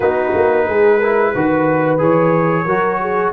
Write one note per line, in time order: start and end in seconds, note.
0.00 0.32 B3
0.00 1.01 D#4
0.00 0.66 F#4
0.00 1.99 B4
0.34 0.67 A#3
0.67 1.34 G#3
0.67 0.98 G#4
0.98 1.35 E4
0.98 1.31 A#4
1.32 2.00 D#3
1.32 1.98 F#4
1.32 2.65 B4
1.98 2.65 E3
1.98 2.65 G#4
1.98 3.32 C#5
2.65 3.32 F#3
2.65 3.32 F#4
2.65 2.98 A#4
3.00 3.32 G#4